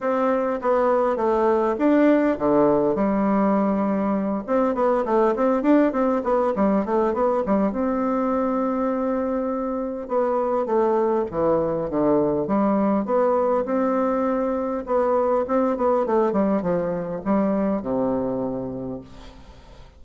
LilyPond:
\new Staff \with { instrumentName = "bassoon" } { \time 4/4 \tempo 4 = 101 c'4 b4 a4 d'4 | d4 g2~ g8 c'8 | b8 a8 c'8 d'8 c'8 b8 g8 a8 | b8 g8 c'2.~ |
c'4 b4 a4 e4 | d4 g4 b4 c'4~ | c'4 b4 c'8 b8 a8 g8 | f4 g4 c2 | }